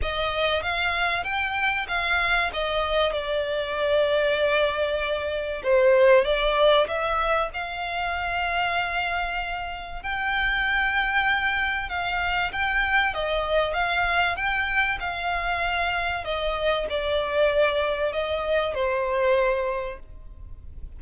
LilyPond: \new Staff \with { instrumentName = "violin" } { \time 4/4 \tempo 4 = 96 dis''4 f''4 g''4 f''4 | dis''4 d''2.~ | d''4 c''4 d''4 e''4 | f''1 |
g''2. f''4 | g''4 dis''4 f''4 g''4 | f''2 dis''4 d''4~ | d''4 dis''4 c''2 | }